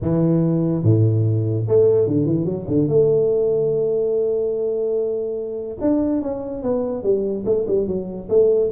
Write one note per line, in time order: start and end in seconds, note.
0.01 0.83 E3
0.83 1.66 A2
1.67 2.07 A3
2.07 2.25 D3
2.25 2.45 E3
2.45 2.66 F#3
2.67 2.88 D3
2.88 5.77 A3
5.80 6.21 D4
6.21 6.63 C#4
6.63 7.03 B3
7.03 7.44 G3
7.45 7.66 A3
7.67 7.87 G3
7.87 8.28 F#3
8.29 8.70 A3